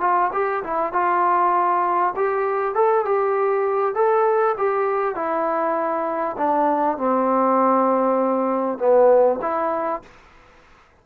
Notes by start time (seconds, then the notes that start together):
0.00 F4
0.33 G4
0.63 E4
0.92 F4
2.16 G4
2.74 A4
3.05 G4
3.94 A4
4.57 G4
5.15 E4
6.37 D4
6.97 C4
8.78 B3
9.41 E4